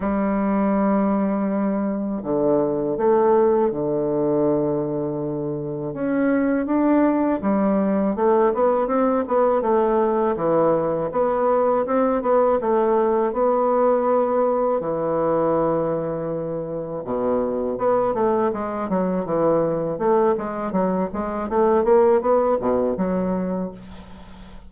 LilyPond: \new Staff \with { instrumentName = "bassoon" } { \time 4/4 \tempo 4 = 81 g2. d4 | a4 d2. | cis'4 d'4 g4 a8 b8 | c'8 b8 a4 e4 b4 |
c'8 b8 a4 b2 | e2. b,4 | b8 a8 gis8 fis8 e4 a8 gis8 | fis8 gis8 a8 ais8 b8 b,8 fis4 | }